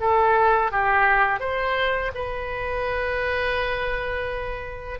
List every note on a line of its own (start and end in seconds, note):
0.00 0.71 A4
0.71 1.40 G4
1.40 2.11 C5
2.14 4.99 B4